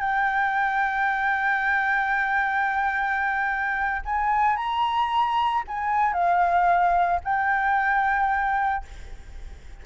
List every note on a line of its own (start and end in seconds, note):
0.00 4.02 G5
4.05 4.56 G#5
4.56 5.63 A#5
5.67 6.13 G#5
6.13 7.20 F5
7.24 8.85 G5